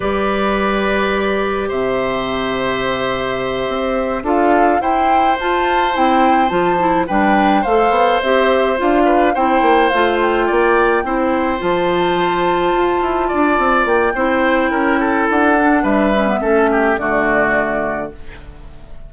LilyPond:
<<
  \new Staff \with { instrumentName = "flute" } { \time 4/4 \tempo 4 = 106 d''2. e''4~ | e''2.~ e''8 f''8~ | f''8 g''4 a''4 g''4 a''8~ | a''8 g''4 f''4 e''4 f''8~ |
f''8 g''4 f''8 g''2~ | g''8 a''2.~ a''8~ | a''8 g''2~ g''8 fis''4 | e''2 d''2 | }
  \new Staff \with { instrumentName = "oboe" } { \time 4/4 b'2. c''4~ | c''2.~ c''8 a'8~ | a'8 c''2.~ c''8~ | c''8 b'4 c''2~ c''8 |
b'8 c''2 d''4 c''8~ | c''2.~ c''8 d''8~ | d''4 c''4 ais'8 a'4. | b'4 a'8 g'8 fis'2 | }
  \new Staff \with { instrumentName = "clarinet" } { \time 4/4 g'1~ | g'2.~ g'8 f'8~ | f'8 e'4 f'4 e'4 f'8 | e'8 d'4 a'4 g'4 f'8~ |
f'8 e'4 f'2 e'8~ | e'8 f'2.~ f'8~ | f'4 e'2~ e'8 d'8~ | d'8 cis'16 b16 cis'4 a2 | }
  \new Staff \with { instrumentName = "bassoon" } { \time 4/4 g2. c4~ | c2~ c8 c'4 d'8~ | d'8 e'4 f'4 c'4 f8~ | f8 g4 a8 b8 c'4 d'8~ |
d'8 c'8 ais8 a4 ais4 c'8~ | c'8 f2 f'8 e'8 d'8 | c'8 ais8 c'4 cis'4 d'4 | g4 a4 d2 | }
>>